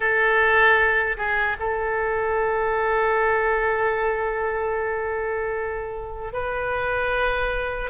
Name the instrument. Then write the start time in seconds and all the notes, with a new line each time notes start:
oboe
0.00 A4
1.17 G#4
1.59 A4
6.32 B4